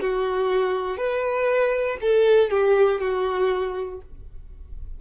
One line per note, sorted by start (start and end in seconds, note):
0.00 0.97 F#4
0.97 1.97 B4
2.00 2.50 A4
2.50 3.00 G4
3.00 4.00 F#4